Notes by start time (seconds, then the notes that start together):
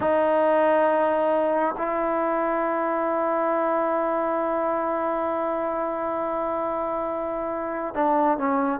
0.00 D#4
1.77 E4
7.94 D4
8.38 C#4